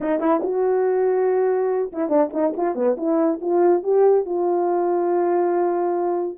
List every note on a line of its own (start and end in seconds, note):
0.00 0.20 D#4
0.20 0.41 E4
0.43 1.92 F#4
1.92 2.09 E4
2.09 2.30 D4
2.33 2.54 D#4
2.56 2.75 F4
2.75 2.96 B3
2.97 3.39 E4
3.41 3.83 F4
3.83 4.25 G4
4.25 6.37 F4